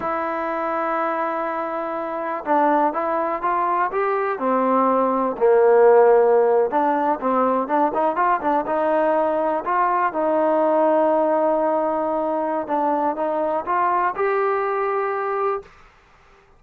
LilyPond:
\new Staff \with { instrumentName = "trombone" } { \time 4/4 \tempo 4 = 123 e'1~ | e'4 d'4 e'4 f'4 | g'4 c'2 ais4~ | ais4.~ ais16 d'4 c'4 d'16~ |
d'16 dis'8 f'8 d'8 dis'2 f'16~ | f'8. dis'2.~ dis'16~ | dis'2 d'4 dis'4 | f'4 g'2. | }